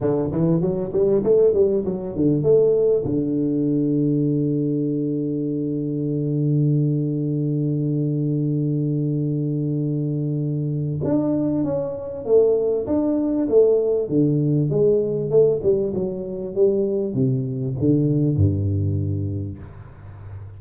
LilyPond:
\new Staff \with { instrumentName = "tuba" } { \time 4/4 \tempo 4 = 98 d8 e8 fis8 g8 a8 g8 fis8 d8 | a4 d2.~ | d1~ | d1~ |
d2 d'4 cis'4 | a4 d'4 a4 d4 | gis4 a8 g8 fis4 g4 | c4 d4 g,2 | }